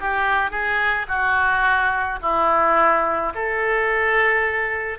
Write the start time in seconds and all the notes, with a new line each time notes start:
0.00 G4
0.51 G#4
1.08 F#4
2.22 E4
3.35 A4